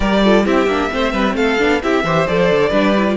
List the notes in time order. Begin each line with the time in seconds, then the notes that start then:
0.00 G3 G4 A#4 D5
0.24 F4 A4
0.44 C4 E4 G4 E5
0.66 A#3 D4
0.90 A3 C4 C5
1.12 G3 B4
1.33 A3 A4 F5
1.58 B3 D4
1.82 C4 E4 G4 E5
2.03 E3 G4 C5
2.27 F3 A4 D5
2.50 D3
2.69 G3 D4 B4
2.97 E4
3.08 F4